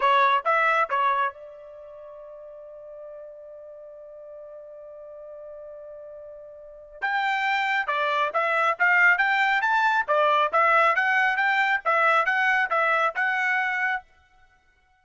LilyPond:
\new Staff \with { instrumentName = "trumpet" } { \time 4/4 \tempo 4 = 137 cis''4 e''4 cis''4 d''4~ | d''1~ | d''1~ | d''1 |
g''2 d''4 e''4 | f''4 g''4 a''4 d''4 | e''4 fis''4 g''4 e''4 | fis''4 e''4 fis''2 | }